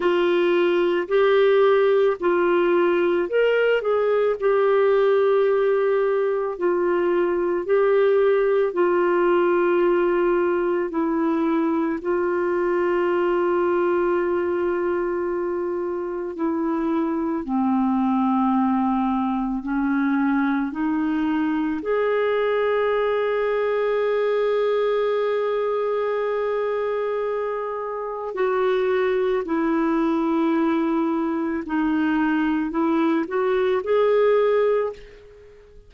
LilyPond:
\new Staff \with { instrumentName = "clarinet" } { \time 4/4 \tempo 4 = 55 f'4 g'4 f'4 ais'8 gis'8 | g'2 f'4 g'4 | f'2 e'4 f'4~ | f'2. e'4 |
c'2 cis'4 dis'4 | gis'1~ | gis'2 fis'4 e'4~ | e'4 dis'4 e'8 fis'8 gis'4 | }